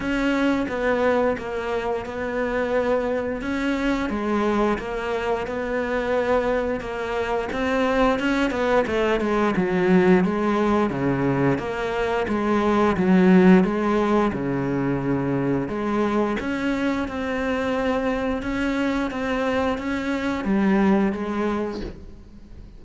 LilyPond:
\new Staff \with { instrumentName = "cello" } { \time 4/4 \tempo 4 = 88 cis'4 b4 ais4 b4~ | b4 cis'4 gis4 ais4 | b2 ais4 c'4 | cis'8 b8 a8 gis8 fis4 gis4 |
cis4 ais4 gis4 fis4 | gis4 cis2 gis4 | cis'4 c'2 cis'4 | c'4 cis'4 g4 gis4 | }